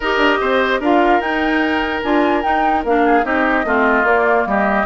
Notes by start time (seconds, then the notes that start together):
0.00 D#4 G4 A#4 D#5
0.17 D4
0.40 C4 C5
0.80 D4 F4 A#4 F5
1.20 D#4 G5
2.02 D4 F4 G#5
2.42 D#4 G5
2.84 A#3 D4 F5
3.05 G#4
3.23 C4 D#4 G4 D#5
3.64 A3 C4 F4
4.03 A#3 D5
4.46 G3 G4 D#5